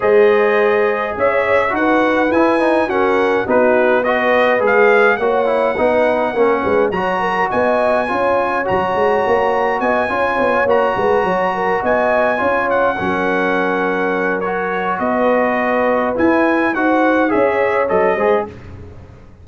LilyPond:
<<
  \new Staff \with { instrumentName = "trumpet" } { \time 4/4 \tempo 4 = 104 dis''2 e''4 fis''4 | gis''4 fis''4 b'4 dis''4 | f''4 fis''2. | ais''4 gis''2 ais''4~ |
ais''4 gis''4. ais''4.~ | ais''8 gis''4. fis''2~ | fis''4 cis''4 dis''2 | gis''4 fis''4 e''4 dis''4 | }
  \new Staff \with { instrumentName = "horn" } { \time 4/4 c''2 cis''4 b'4~ | b'4 ais'4 fis'4 b'4~ | b'4 cis''4 b'4 ais'8 b'8 | cis''8 ais'8 dis''4 cis''2~ |
cis''4 dis''8 cis''4. b'8 cis''8 | ais'8 dis''4 cis''4 ais'4.~ | ais'2 b'2~ | b'4 c''4 cis''4. c''8 | }
  \new Staff \with { instrumentName = "trombone" } { \time 4/4 gis'2. fis'4 | e'8 dis'8 cis'4 dis'4 fis'4 | gis'4 fis'8 e'8 dis'4 cis'4 | fis'2 f'4 fis'4~ |
fis'4. f'4 fis'4.~ | fis'4. f'4 cis'4.~ | cis'4 fis'2. | e'4 fis'4 gis'4 a'8 gis'8 | }
  \new Staff \with { instrumentName = "tuba" } { \time 4/4 gis2 cis'4 dis'4 | e'4 fis'4 b2 | gis4 ais4 b4 ais8 gis8 | fis4 b4 cis'4 fis8 gis8 |
ais4 b8 cis'8 b8 ais8 gis8 fis8~ | fis8 b4 cis'4 fis4.~ | fis2 b2 | e'4 dis'4 cis'4 fis8 gis8 | }
>>